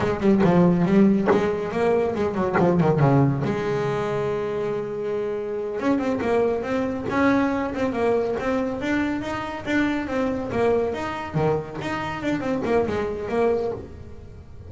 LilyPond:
\new Staff \with { instrumentName = "double bass" } { \time 4/4 \tempo 4 = 140 gis8 g8 f4 g4 gis4 | ais4 gis8 fis8 f8 dis8 cis4 | gis1~ | gis4. cis'8 c'8 ais4 c'8~ |
c'8 cis'4. c'8 ais4 c'8~ | c'8 d'4 dis'4 d'4 c'8~ | c'8 ais4 dis'4 dis4 dis'8~ | dis'8 d'8 c'8 ais8 gis4 ais4 | }